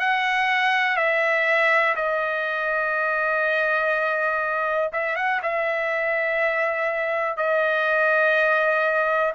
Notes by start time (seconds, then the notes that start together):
0.00 F#5
0.97 E5
1.96 D#5
4.93 E5
5.16 F#5
5.43 E5
7.37 D#5